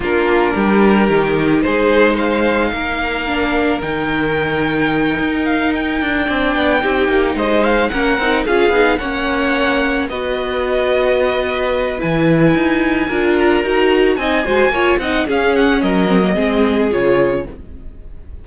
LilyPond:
<<
  \new Staff \with { instrumentName = "violin" } { \time 4/4 \tempo 4 = 110 ais'2. c''4 | f''2. g''4~ | g''2 f''8 g''4.~ | g''4. dis''8 f''8 fis''4 f''8~ |
f''8 fis''2 dis''4.~ | dis''2 gis''2~ | gis''8 ais''4. gis''4. fis''8 | f''8 fis''8 dis''2 cis''4 | }
  \new Staff \with { instrumentName = "violin" } { \time 4/4 f'4 g'2 gis'4 | c''4 ais'2.~ | ais'2.~ ais'8 d''8~ | d''8 g'4 c''4 ais'4 gis'8~ |
gis'8 cis''2 b'4.~ | b'1 | ais'2 dis''8 c''8 cis''8 dis''8 | gis'4 ais'4 gis'2 | }
  \new Staff \with { instrumentName = "viola" } { \time 4/4 d'2 dis'2~ | dis'2 d'4 dis'4~ | dis'2.~ dis'8 d'8~ | d'8 dis'2 cis'8 dis'8 f'8 |
dis'8 cis'2 fis'4.~ | fis'2 e'2 | f'4 fis'4 dis'8 fis'8 f'8 dis'8 | cis'4. c'16 ais16 c'4 f'4 | }
  \new Staff \with { instrumentName = "cello" } { \time 4/4 ais4 g4 dis4 gis4~ | gis4 ais2 dis4~ | dis4. dis'4. d'8 c'8 | b8 c'8 ais8 gis4 ais8 c'8 cis'8 |
b8 ais2 b4.~ | b2 e4 dis'4 | d'4 dis'4 c'8 gis8 ais8 c'8 | cis'4 fis4 gis4 cis4 | }
>>